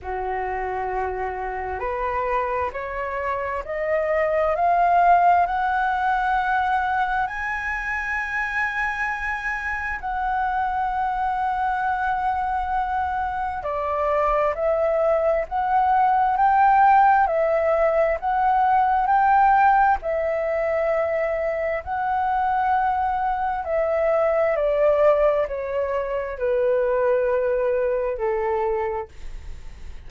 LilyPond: \new Staff \with { instrumentName = "flute" } { \time 4/4 \tempo 4 = 66 fis'2 b'4 cis''4 | dis''4 f''4 fis''2 | gis''2. fis''4~ | fis''2. d''4 |
e''4 fis''4 g''4 e''4 | fis''4 g''4 e''2 | fis''2 e''4 d''4 | cis''4 b'2 a'4 | }